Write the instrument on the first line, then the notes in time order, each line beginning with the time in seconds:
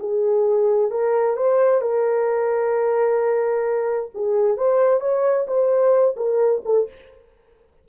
horn
0.00 G#4
0.91 A#4
1.36 C5
1.81 A#4
4.15 G#4
4.57 C5
5.01 C#5
5.47 C5
6.17 A#4
6.66 A4